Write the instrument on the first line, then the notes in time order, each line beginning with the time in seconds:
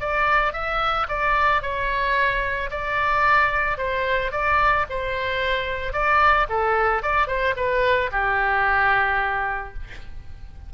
oboe
0.00 D5
0.53 E5
1.08 D5
1.62 C#5
2.70 D5
3.78 C5
4.32 D5
4.90 C5
5.93 D5
6.49 A4
7.03 D5
7.27 C5
7.57 B4
8.12 G4